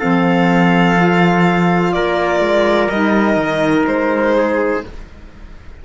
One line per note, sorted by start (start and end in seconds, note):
0.00 1.96 F3
0.00 0.97 C4
0.00 1.94 A4
0.00 1.93 F5
0.97 2.91 F4
1.93 2.40 A#3
1.93 4.37 A#4
1.93 2.90 D5
2.40 2.89 G#3
2.90 3.37 G3
2.90 4.85 D#4
2.90 3.86 D#5
3.37 3.85 D#3
3.87 4.84 G#3
3.87 4.84 C5
4.37 4.86 G#4